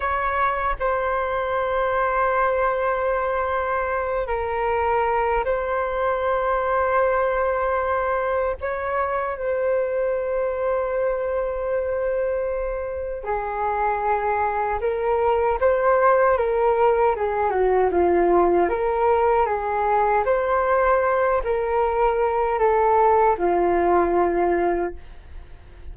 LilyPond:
\new Staff \with { instrumentName = "flute" } { \time 4/4 \tempo 4 = 77 cis''4 c''2.~ | c''4. ais'4. c''4~ | c''2. cis''4 | c''1~ |
c''4 gis'2 ais'4 | c''4 ais'4 gis'8 fis'8 f'4 | ais'4 gis'4 c''4. ais'8~ | ais'4 a'4 f'2 | }